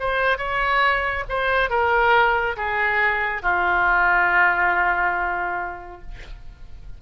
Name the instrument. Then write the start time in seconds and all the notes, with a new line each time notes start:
oboe
0.00 C5
0.38 C#5
1.29 C5
1.70 A#4
2.57 G#4
3.43 F4